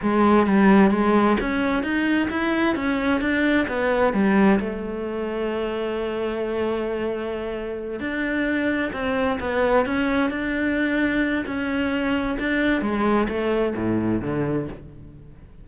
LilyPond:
\new Staff \with { instrumentName = "cello" } { \time 4/4 \tempo 4 = 131 gis4 g4 gis4 cis'4 | dis'4 e'4 cis'4 d'4 | b4 g4 a2~ | a1~ |
a4. d'2 c'8~ | c'8 b4 cis'4 d'4.~ | d'4 cis'2 d'4 | gis4 a4 a,4 d4 | }